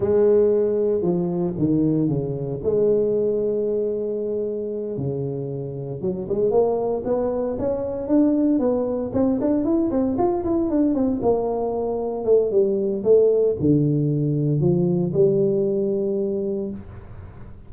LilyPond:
\new Staff \with { instrumentName = "tuba" } { \time 4/4 \tempo 4 = 115 gis2 f4 dis4 | cis4 gis2.~ | gis4. cis2 fis8 | gis8 ais4 b4 cis'4 d'8~ |
d'8 b4 c'8 d'8 e'8 c'8 f'8 | e'8 d'8 c'8 ais2 a8 | g4 a4 d2 | f4 g2. | }